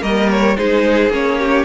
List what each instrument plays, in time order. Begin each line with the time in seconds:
0.00 cello G3, viola A#3, violin A#4 D#5
0.30 violin C#5
0.57 cello G#3, viola D#4, violin G#4 C5
1.09 cello A#3, viola C#4, violin C#5
1.39 violin G4